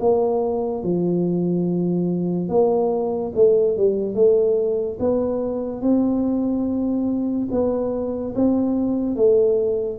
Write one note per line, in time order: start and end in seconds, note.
0.00 0.83 A#3
0.83 2.49 F3
2.49 3.32 A#3
3.35 3.77 A3
3.77 4.15 G3
4.15 4.98 A3
5.00 5.82 B3
5.82 7.48 C4
7.51 8.34 B3
8.35 9.16 C4
9.16 9.99 A3